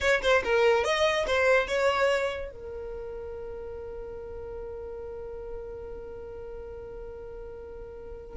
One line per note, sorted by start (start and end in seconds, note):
0.00 0.21 C#5
0.22 0.43 C5
0.44 0.84 A#4
0.84 1.25 D#5
1.26 1.67 C5
1.67 2.51 C#5
2.51 8.37 A#4